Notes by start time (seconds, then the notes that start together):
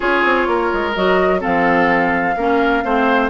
0.00 C#4 F4 G#4 C#5
0.24 C4
0.47 A#3 A#4
0.73 G#3
0.94 F#3 F#4 D#5
1.39 F3 C4 A4 F5
2.36 A#3 C#4 A#4
2.84 A3 C4 C5